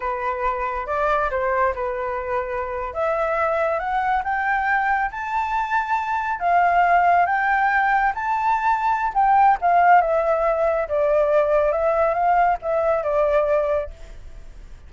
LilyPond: \new Staff \with { instrumentName = "flute" } { \time 4/4 \tempo 4 = 138 b'2 d''4 c''4 | b'2~ b'8. e''4~ e''16~ | e''8. fis''4 g''2 a''16~ | a''2~ a''8. f''4~ f''16~ |
f''8. g''2 a''4~ a''16~ | a''4 g''4 f''4 e''4~ | e''4 d''2 e''4 | f''4 e''4 d''2 | }